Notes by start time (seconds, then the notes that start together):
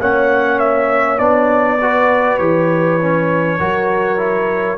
0.00 A#3 C#4 C#5 F#5
0.59 E5
1.19 B3 D4 D5
1.80 F#4 B4
2.38 E3 G4 C#5
3.02 C#4
3.59 F#3 F#4 A#4
4.18 E4